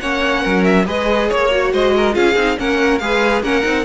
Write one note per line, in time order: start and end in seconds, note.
0.00 0.45 A#3
0.00 0.85 C#4
0.00 0.42 C#5
0.00 0.64 F#5
0.42 0.88 F#3
0.42 0.85 A#4
0.64 0.85 E5
0.85 1.30 G#3
0.85 1.50 G#4
0.85 1.29 B4
0.85 1.30 D#5
1.29 1.73 A#3
1.29 1.72 C#5
1.29 1.73 C#5
1.51 2.12 F#4
1.73 2.16 G#3
1.73 1.94 C5
1.73 2.15 D#5
1.96 2.14 A#4
2.12 2.36 C#4
2.12 2.34 F4
2.12 2.57 G#4
2.12 2.58 F5
2.36 2.57 C4
2.36 2.57 D#4
2.57 3.01 A#3
2.57 3.00 C#4
2.57 3.02 A#4
2.57 2.98 F#5
2.98 3.43 G#3
2.98 3.44 G#4
2.98 3.43 B4
2.98 3.41 F5
3.43 3.64 A#3
3.43 3.62 C#4
3.43 3.85 A#4
3.43 3.85 F#5
3.62 3.85 C4
3.62 3.84 D#4